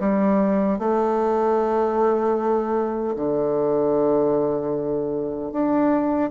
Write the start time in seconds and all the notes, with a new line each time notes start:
0.00 G3
0.79 A3
3.16 D3
5.52 D4